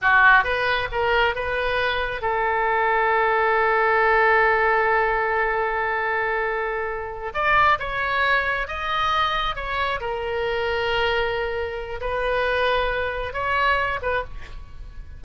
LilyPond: \new Staff \with { instrumentName = "oboe" } { \time 4/4 \tempo 4 = 135 fis'4 b'4 ais'4 b'4~ | b'4 a'2.~ | a'1~ | a'1~ |
a'8 d''4 cis''2 dis''8~ | dis''4. cis''4 ais'4.~ | ais'2. b'4~ | b'2 cis''4. b'8 | }